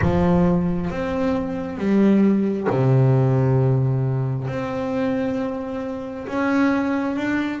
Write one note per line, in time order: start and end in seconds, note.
0.01 0.90 F3
0.90 1.78 C4
1.78 2.67 G3
2.69 4.47 C3
4.47 6.26 C4
6.27 7.16 C#4
7.16 7.60 D4